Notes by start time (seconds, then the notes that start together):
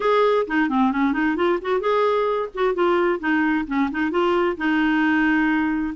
0.00 G#4
0.47 D#4
0.69 C4
0.92 C#4
1.13 D#4
1.36 F4
1.61 F#4
1.80 G#4
2.54 F#4
2.74 F4
3.19 D#4
3.67 C#4
3.91 D#4
4.10 F4
4.57 D#4